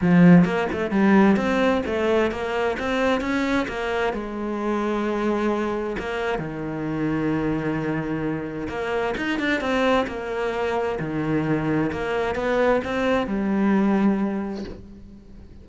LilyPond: \new Staff \with { instrumentName = "cello" } { \time 4/4 \tempo 4 = 131 f4 ais8 a8 g4 c'4 | a4 ais4 c'4 cis'4 | ais4 gis2.~ | gis4 ais4 dis2~ |
dis2. ais4 | dis'8 d'8 c'4 ais2 | dis2 ais4 b4 | c'4 g2. | }